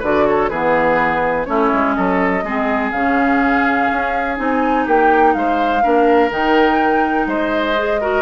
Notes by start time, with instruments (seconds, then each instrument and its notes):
0.00 bassoon D3, clarinet F#4, oboe B4, flute D5
0.28 oboe A4, flute C#5
0.49 bassoon E3, clarinet B3, oboe G#4, flute B4
1.45 bassoon A3, clarinet C#4, oboe E4, flute C#5
1.73 bassoon G#3
1.94 bassoon F#3, oboe A4, flute D#5
2.44 bassoon G#3, clarinet C4, oboe G#4
2.92 bassoon C#3, clarinet C#4, flute F5
3.93 bassoon C#4
4.36 bassoon C4, clarinet D#4, flute G#5
4.85 bassoon A#3, oboe G4, flute G5
5.34 bassoon G#3, oboe C5, flute F5
5.82 bassoon A#3, clarinet D4, oboe A#4
6.31 bassoon D#3, clarinet D#4, flute G5
7.27 bassoon G#3, oboe C5, flute D#5
7.77 clarinet G#4
8.01 clarinet F#4, oboe A#4